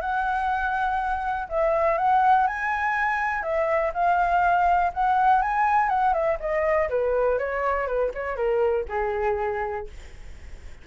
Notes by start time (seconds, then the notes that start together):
0.00 F#5
1.48 E5
1.98 F#5
2.47 G#5
3.42 E5
3.93 F5
4.93 F#5
5.41 G#5
5.89 F#5
6.13 E5
6.39 D#5
6.89 B4
7.38 C#5
7.86 B4
8.14 C#5
8.36 A#4
8.88 G#4